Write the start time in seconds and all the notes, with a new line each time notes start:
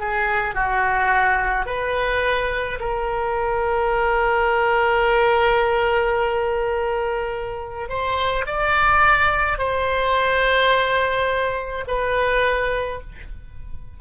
0.00 G#4
0.55 F#4
1.66 B4
2.80 A#4
7.89 C5
8.46 D5
9.58 C5
11.88 B4